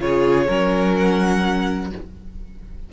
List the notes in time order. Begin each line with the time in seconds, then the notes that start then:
0.00 C#3 F4 G#4 C#5
0.47 F#3 C#4 A#4
0.96 F#5